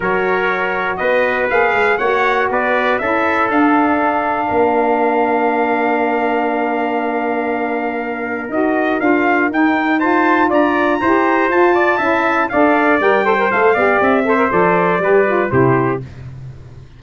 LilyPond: <<
  \new Staff \with { instrumentName = "trumpet" } { \time 4/4 \tempo 4 = 120 cis''2 dis''4 f''4 | fis''4 d''4 e''4 f''4~ | f''1~ | f''1~ |
f''4 dis''4 f''4 g''4 | a''4 ais''2 a''4~ | a''4 f''4 g''4 f''4 | e''4 d''2 c''4 | }
  \new Staff \with { instrumentName = "trumpet" } { \time 4/4 ais'2 b'2 | cis''4 b'4 a'2~ | a'4 ais'2.~ | ais'1~ |
ais'1 | c''4 d''4 c''4. d''8 | e''4 d''4. c''4 d''8~ | d''8 c''4. b'4 g'4 | }
  \new Staff \with { instrumentName = "saxophone" } { \time 4/4 fis'2. gis'4 | fis'2 e'4 d'4~ | d'1~ | d'1~ |
d'4 fis'4 f'4 dis'4 | f'2 g'4 f'4 | e'4 a'4 ais'8 a'16 ais'16 a'8 g'8~ | g'8 a'16 ais'16 a'4 g'8 f'8 e'4 | }
  \new Staff \with { instrumentName = "tuba" } { \time 4/4 fis2 b4 ais8 gis8 | ais4 b4 cis'4 d'4~ | d'4 ais2.~ | ais1~ |
ais4 dis'4 d'4 dis'4~ | dis'4 d'4 e'4 f'4 | cis'4 d'4 g4 a8 b8 | c'4 f4 g4 c4 | }
>>